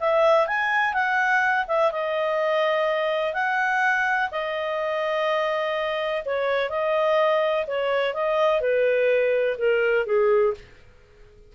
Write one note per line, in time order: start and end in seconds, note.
0.00 0.48 E5
0.48 0.94 G#5
0.94 1.66 F#5
1.68 1.92 E5
1.92 3.34 D#5
3.34 4.30 F#5
4.32 6.24 D#5
6.26 6.70 C#5
6.70 7.66 D#5
7.67 8.14 C#5
8.14 8.61 D#5
8.61 9.57 B4
9.58 10.06 A#4
10.06 10.54 G#4